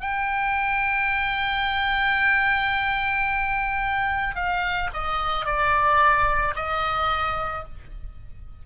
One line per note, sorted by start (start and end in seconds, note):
0.00 4.35 G5
4.35 4.89 F5
4.93 5.45 D#5
5.45 6.55 D5
6.55 7.64 D#5